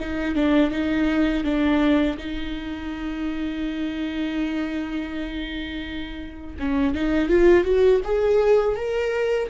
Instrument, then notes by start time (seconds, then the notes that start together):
viola
0.00 D#4
0.35 D4
0.71 D#4
1.44 D4
2.18 D#4
6.59 C#4
6.94 D#4
7.29 F4
7.64 F#4
8.04 G#4
8.76 A#4